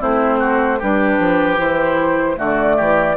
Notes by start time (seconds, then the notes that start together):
0.00 A3 C4 E4 C5
0.40 F#4
0.79 G3 D4 G4 B4
1.19 F3
1.58 E3 E4 C5
2.35 D3 A3 F#4 D5
2.77 E3 G4